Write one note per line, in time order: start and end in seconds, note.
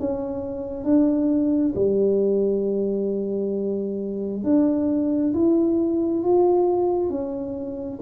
0.00 0.84 C#4
0.84 1.74 D4
1.75 4.44 G3
4.44 5.34 D4
5.34 6.24 E4
6.24 7.10 F4
7.10 8.00 C#4